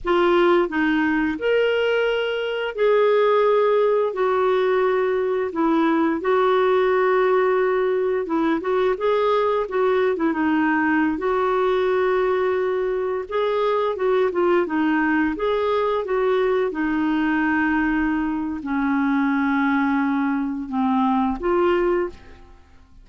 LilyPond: \new Staff \with { instrumentName = "clarinet" } { \time 4/4 \tempo 4 = 87 f'4 dis'4 ais'2 | gis'2 fis'2 | e'4 fis'2. | e'8 fis'8 gis'4 fis'8. e'16 dis'4~ |
dis'16 fis'2. gis'8.~ | gis'16 fis'8 f'8 dis'4 gis'4 fis'8.~ | fis'16 dis'2~ dis'8. cis'4~ | cis'2 c'4 f'4 | }